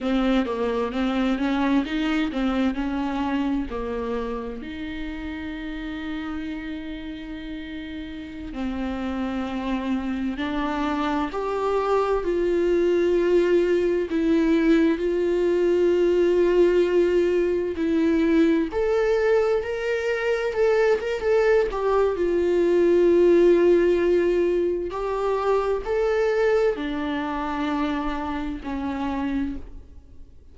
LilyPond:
\new Staff \with { instrumentName = "viola" } { \time 4/4 \tempo 4 = 65 c'8 ais8 c'8 cis'8 dis'8 c'8 cis'4 | ais4 dis'2.~ | dis'4~ dis'16 c'2 d'8.~ | d'16 g'4 f'2 e'8.~ |
e'16 f'2. e'8.~ | e'16 a'4 ais'4 a'8 ais'16 a'8 g'8 | f'2. g'4 | a'4 d'2 cis'4 | }